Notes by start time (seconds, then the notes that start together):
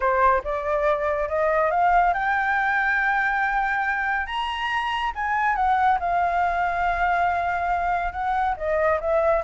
0.00 C5
0.44 D5
1.29 D#5
1.70 F5
2.13 G5
4.26 A#5
5.15 G#5
5.55 F#5
5.99 F5
8.12 F#5
8.56 D#5
9.00 E5